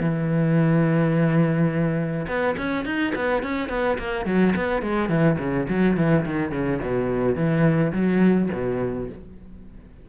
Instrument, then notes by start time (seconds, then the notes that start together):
cello
0.00 E3
2.27 B3
2.57 C#4
2.85 D#4
3.15 B3
3.43 C#4
3.69 B3
3.98 A#3
4.26 F#3
4.56 B3
4.82 G#3
5.09 E3
5.39 C#3
5.69 F#3
5.97 E3
6.25 D#3
6.51 C#3
6.82 B2
7.36 E3
7.92 F#3
8.53 B2